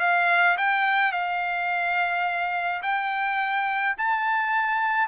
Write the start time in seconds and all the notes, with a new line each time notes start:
0.00 F5
0.58 G5
1.12 F5
2.82 G5
3.98 A5